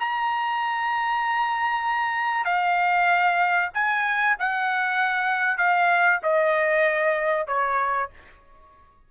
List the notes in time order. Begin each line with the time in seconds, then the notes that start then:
0.00 A#5
2.45 F5
3.74 G#5
4.39 F#5
5.58 F5
6.23 D#5
7.48 C#5